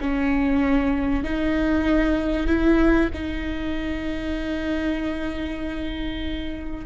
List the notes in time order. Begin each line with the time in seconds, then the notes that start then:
0.00 C#4
1.23 D#4
2.47 E4
3.13 D#4